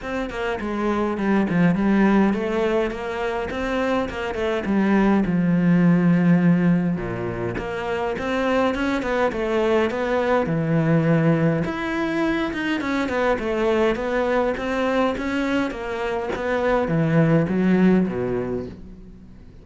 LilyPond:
\new Staff \with { instrumentName = "cello" } { \time 4/4 \tempo 4 = 103 c'8 ais8 gis4 g8 f8 g4 | a4 ais4 c'4 ais8 a8 | g4 f2. | ais,4 ais4 c'4 cis'8 b8 |
a4 b4 e2 | e'4. dis'8 cis'8 b8 a4 | b4 c'4 cis'4 ais4 | b4 e4 fis4 b,4 | }